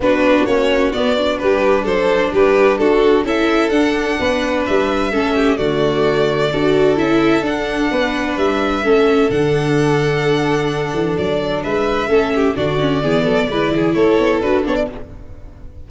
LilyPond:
<<
  \new Staff \with { instrumentName = "violin" } { \time 4/4 \tempo 4 = 129 b'4 cis''4 d''4 b'4 | c''4 b'4 a'4 e''4 | fis''2 e''2 | d''2. e''4 |
fis''2 e''2 | fis''1 | d''4 e''2 d''4~ | d''2 cis''4 b'8 cis''16 d''16 | }
  \new Staff \with { instrumentName = "violin" } { \time 4/4 fis'2. g'4 | a'4 g'4 fis'4 a'4~ | a'4 b'2 a'8 g'8 | fis'2 a'2~ |
a'4 b'2 a'4~ | a'1~ | a'4 b'4 a'8 g'8 fis'4 | gis'8 a'8 b'8 gis'8 a'2 | }
  \new Staff \with { instrumentName = "viola" } { \time 4/4 d'4 cis'4 b8 d'4.~ | d'2. e'4 | d'2. cis'4 | a2 fis'4 e'4 |
d'2. cis'4 | d'1~ | d'2 cis'4 d'8 cis'8 | b4 e'2 fis'8 d'8 | }
  \new Staff \with { instrumentName = "tuba" } { \time 4/4 b4 ais4 b4 g4 | fis4 g4 d'4 cis'4 | d'4 b4 g4 a4 | d2 d'4 cis'4 |
d'4 b4 g4 a4 | d2.~ d8 e8 | fis4 gis4 a4 d4 | e8 fis8 gis8 e8 a8 b8 d'8 b8 | }
>>